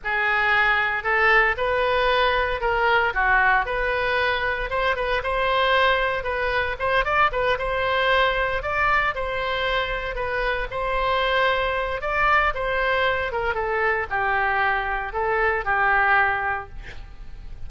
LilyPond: \new Staff \with { instrumentName = "oboe" } { \time 4/4 \tempo 4 = 115 gis'2 a'4 b'4~ | b'4 ais'4 fis'4 b'4~ | b'4 c''8 b'8 c''2 | b'4 c''8 d''8 b'8 c''4.~ |
c''8 d''4 c''2 b'8~ | b'8 c''2~ c''8 d''4 | c''4. ais'8 a'4 g'4~ | g'4 a'4 g'2 | }